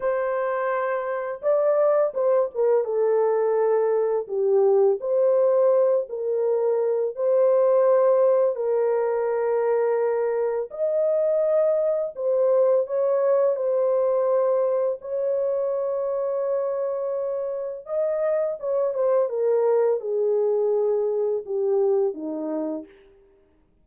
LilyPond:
\new Staff \with { instrumentName = "horn" } { \time 4/4 \tempo 4 = 84 c''2 d''4 c''8 ais'8 | a'2 g'4 c''4~ | c''8 ais'4. c''2 | ais'2. dis''4~ |
dis''4 c''4 cis''4 c''4~ | c''4 cis''2.~ | cis''4 dis''4 cis''8 c''8 ais'4 | gis'2 g'4 dis'4 | }